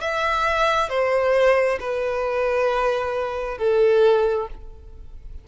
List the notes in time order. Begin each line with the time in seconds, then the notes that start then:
0.00 E5
0.89 C5
1.80 B4
3.58 A4